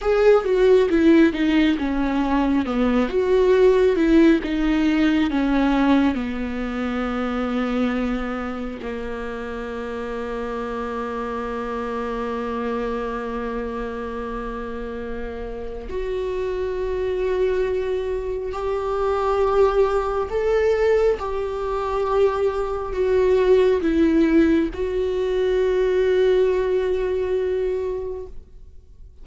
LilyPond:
\new Staff \with { instrumentName = "viola" } { \time 4/4 \tempo 4 = 68 gis'8 fis'8 e'8 dis'8 cis'4 b8 fis'8~ | fis'8 e'8 dis'4 cis'4 b4~ | b2 ais2~ | ais1~ |
ais2 fis'2~ | fis'4 g'2 a'4 | g'2 fis'4 e'4 | fis'1 | }